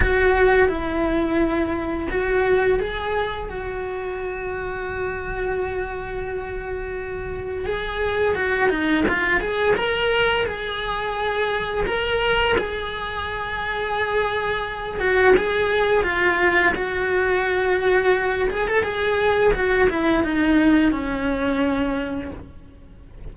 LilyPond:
\new Staff \with { instrumentName = "cello" } { \time 4/4 \tempo 4 = 86 fis'4 e'2 fis'4 | gis'4 fis'2.~ | fis'2. gis'4 | fis'8 dis'8 f'8 gis'8 ais'4 gis'4~ |
gis'4 ais'4 gis'2~ | gis'4. fis'8 gis'4 f'4 | fis'2~ fis'8 gis'16 a'16 gis'4 | fis'8 e'8 dis'4 cis'2 | }